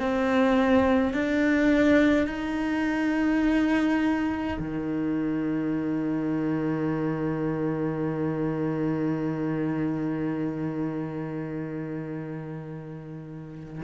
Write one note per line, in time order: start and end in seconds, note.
0.00 1.14 C4
1.14 2.27 D4
2.27 4.58 D#4
4.59 13.83 D#3